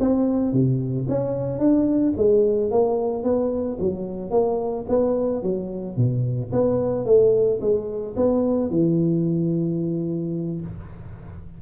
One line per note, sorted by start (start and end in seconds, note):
0.00 0.53 C4
0.53 1.07 C3
1.09 1.59 C#4
1.59 2.14 D4
2.17 2.71 G#3
2.71 3.24 A#3
3.24 3.78 B3
3.80 4.31 F#3
4.31 4.86 A#3
4.89 5.43 B3
5.43 5.97 F#3
5.97 6.52 B2
6.53 7.06 B3
7.06 7.60 A3
7.61 8.16 G#3
8.16 8.70 B3
8.70 10.61 E3